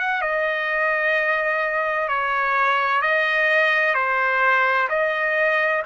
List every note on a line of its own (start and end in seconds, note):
0.00 0.22 F#5
0.22 2.08 D#5
2.08 3.02 C#5
3.02 3.95 D#5
3.95 4.88 C5
4.90 5.83 D#5